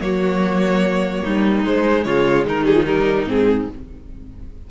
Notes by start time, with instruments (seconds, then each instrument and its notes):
0.00 cello F#3, viola A#3, violin F#4 C#5
1.24 cello G3, violin D#4
1.65 cello G#3, viola G#3, violin C5
2.04 cello C#3, violin F4 C#5
2.45 cello D#3, violin D#4 A#4
2.64 viola G3, violin G#4
2.74 viola F3
2.86 viola G3, violin A#4
3.27 cello G#2, viola C4, violin G#4